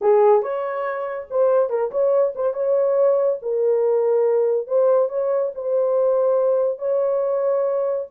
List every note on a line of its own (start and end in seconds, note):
0.01 0.42 G#4
0.42 1.27 C#5
1.30 1.69 C5
1.69 1.90 A#4
1.91 2.33 C#5
2.35 2.53 C5
2.53 3.38 C#5
3.42 4.67 A#4
4.67 5.09 C5
5.09 5.51 C#5
5.55 6.78 C5
6.78 8.06 C#5